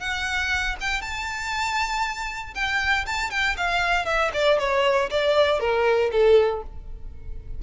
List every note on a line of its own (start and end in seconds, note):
0.00 0.76 F#5
0.81 1.02 G5
1.02 2.54 A5
2.55 3.06 G5
3.07 3.31 A5
3.31 3.56 G5
3.58 4.06 F5
4.06 4.31 E5
4.34 4.59 D5
4.59 5.10 C#5
5.11 5.60 D5
5.60 6.11 A#4
6.12 6.63 A4